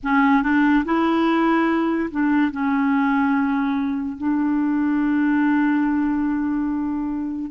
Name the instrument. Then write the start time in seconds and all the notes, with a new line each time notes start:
clarinet
0.03 C#4
0.42 D4
0.84 E4
2.10 D4
2.51 C#4
4.17 D4